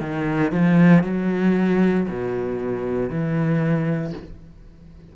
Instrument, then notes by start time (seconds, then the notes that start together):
cello
0.00 D#3
0.51 F3
1.03 F#3
2.08 B2
3.09 E3